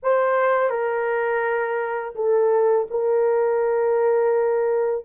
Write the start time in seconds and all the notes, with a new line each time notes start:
0.02 C5
0.69 A#4
2.15 A4
2.90 A#4